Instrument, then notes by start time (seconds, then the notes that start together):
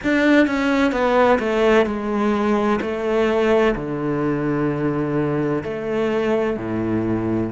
cello
0.03 D4
0.46 C#4
0.92 B3
1.38 A3
1.85 G#3
2.81 A3
3.75 D3
5.63 A3
6.56 A2